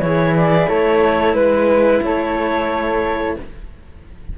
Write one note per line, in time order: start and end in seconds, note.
0.00 0.67 E3
0.00 3.35 E4
0.00 0.68 G#4
0.00 0.34 C#5
0.36 0.68 D5
0.68 1.33 A3
0.68 1.34 A4
0.68 1.35 C#5
1.33 2.00 G#3
1.33 2.00 B4
1.33 2.02 B4
2.02 3.35 A3
2.02 3.38 A4
2.02 3.37 C#5